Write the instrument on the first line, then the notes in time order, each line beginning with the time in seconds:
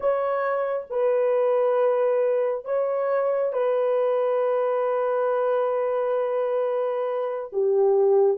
horn
0.00 C#5
0.89 B4
2.65 C#5
3.53 B4
7.52 G4